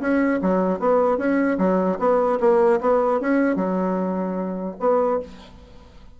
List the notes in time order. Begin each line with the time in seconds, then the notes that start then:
0.00 C#4
0.41 F#3
0.79 B3
1.17 C#4
1.58 F#3
1.99 B3
2.40 A#3
2.80 B3
3.20 C#4
3.55 F#3
4.79 B3